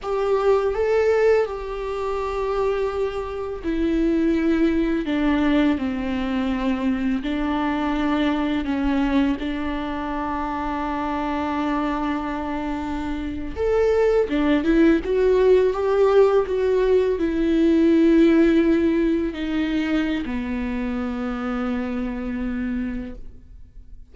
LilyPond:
\new Staff \with { instrumentName = "viola" } { \time 4/4 \tempo 4 = 83 g'4 a'4 g'2~ | g'4 e'2 d'4 | c'2 d'2 | cis'4 d'2.~ |
d'2~ d'8. a'4 d'16~ | d'16 e'8 fis'4 g'4 fis'4 e'16~ | e'2~ e'8. dis'4~ dis'16 | b1 | }